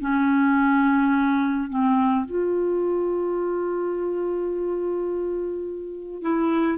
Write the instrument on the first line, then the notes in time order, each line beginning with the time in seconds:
clarinet
0.00 C#4
1.70 C4
2.25 F4
6.22 E4